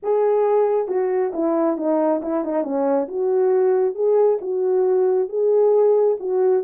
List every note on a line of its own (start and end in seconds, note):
0.02 0.88 G#4
0.88 1.32 F#4
1.33 1.77 E4
1.77 2.21 D#4
2.22 2.44 E4
2.44 2.63 D#4
2.63 3.07 C#4
3.08 3.94 F#4
3.94 4.38 G#4
4.41 5.28 F#4
5.28 6.17 G#4
6.19 6.63 F#4